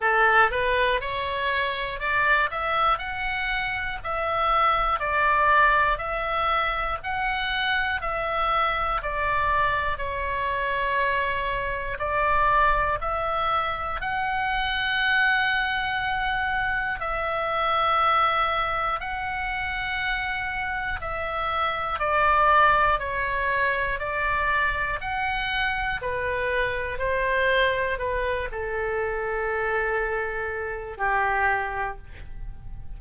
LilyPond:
\new Staff \with { instrumentName = "oboe" } { \time 4/4 \tempo 4 = 60 a'8 b'8 cis''4 d''8 e''8 fis''4 | e''4 d''4 e''4 fis''4 | e''4 d''4 cis''2 | d''4 e''4 fis''2~ |
fis''4 e''2 fis''4~ | fis''4 e''4 d''4 cis''4 | d''4 fis''4 b'4 c''4 | b'8 a'2~ a'8 g'4 | }